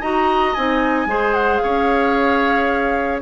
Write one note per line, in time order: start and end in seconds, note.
0.00 0.55 D#4
0.00 0.55 F#4
0.00 1.07 D#5
0.00 0.54 A#5
0.54 1.05 C4
0.54 1.07 D#4
0.54 1.33 G#5
1.05 1.59 G#3
1.05 3.21 G#4
1.05 1.62 C5
1.33 1.57 F#5
1.57 3.21 C#5
1.57 3.18 F5
1.64 3.21 C#4